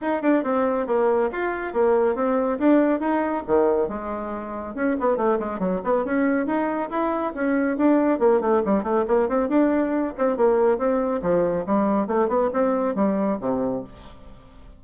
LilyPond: \new Staff \with { instrumentName = "bassoon" } { \time 4/4 \tempo 4 = 139 dis'8 d'8 c'4 ais4 f'4 | ais4 c'4 d'4 dis'4 | dis4 gis2 cis'8 b8 | a8 gis8 fis8 b8 cis'4 dis'4 |
e'4 cis'4 d'4 ais8 a8 | g8 a8 ais8 c'8 d'4. c'8 | ais4 c'4 f4 g4 | a8 b8 c'4 g4 c4 | }